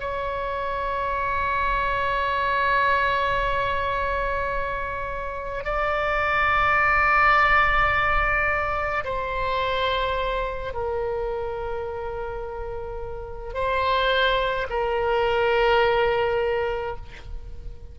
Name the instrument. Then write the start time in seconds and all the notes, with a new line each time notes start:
oboe
0.00 C#5
5.64 D5
9.05 C5
10.73 A#4
13.54 C5
14.70 A#4